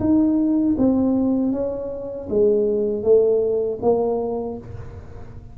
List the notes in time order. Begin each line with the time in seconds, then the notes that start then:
0.00 D#4
0.78 C4
1.52 C#4
2.30 G#3
3.03 A3
3.82 A#3